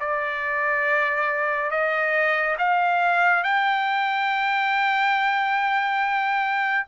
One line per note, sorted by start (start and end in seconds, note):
0.00 1.71 D5
1.71 2.57 D#5
2.59 3.44 F5
3.44 6.86 G5